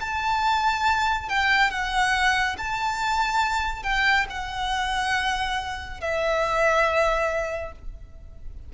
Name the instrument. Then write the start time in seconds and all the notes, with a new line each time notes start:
violin
0.00 A5
1.29 G5
1.70 F#5
2.57 A5
3.83 G5
4.29 F#5
6.00 E5